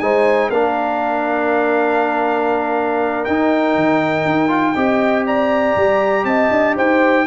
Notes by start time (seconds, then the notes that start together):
0.00 G#3 D#4 C5 G#5
0.50 A#3 D4 A#4 F5
3.25 D#4 G5
3.76 D#3
4.25 D#4
4.48 F4
4.76 C4 G4 D#5
5.26 D5 A#5
5.76 G3
6.24 C4 D#5 A5
6.51 D4
6.76 D#4 C5 G5